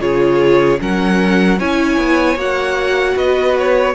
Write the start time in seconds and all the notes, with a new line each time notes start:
0.00 C#3 F4 G#4 C#5
0.79 F#3 C#4 A#4 F#5
1.59 C#4 E4 C#5 G#5
1.98 B3
2.36 A#3 F#4 F#5
3.16 B3 B4 D#5
3.59 C#5